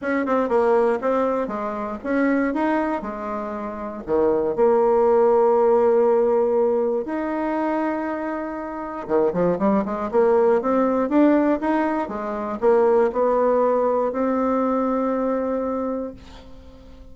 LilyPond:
\new Staff \with { instrumentName = "bassoon" } { \time 4/4 \tempo 4 = 119 cis'8 c'8 ais4 c'4 gis4 | cis'4 dis'4 gis2 | dis4 ais2.~ | ais2 dis'2~ |
dis'2 dis8 f8 g8 gis8 | ais4 c'4 d'4 dis'4 | gis4 ais4 b2 | c'1 | }